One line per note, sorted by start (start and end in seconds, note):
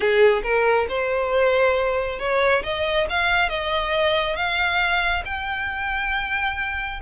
0.00 0.42 G#4
0.43 0.87 A#4
0.89 2.19 C5
2.19 2.62 C#5
2.63 3.07 D#5
3.09 3.49 F5
3.49 4.35 D#5
4.35 5.23 F5
5.25 7.00 G5